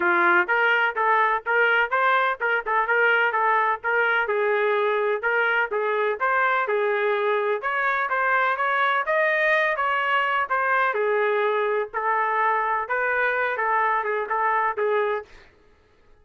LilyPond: \new Staff \with { instrumentName = "trumpet" } { \time 4/4 \tempo 4 = 126 f'4 ais'4 a'4 ais'4 | c''4 ais'8 a'8 ais'4 a'4 | ais'4 gis'2 ais'4 | gis'4 c''4 gis'2 |
cis''4 c''4 cis''4 dis''4~ | dis''8 cis''4. c''4 gis'4~ | gis'4 a'2 b'4~ | b'8 a'4 gis'8 a'4 gis'4 | }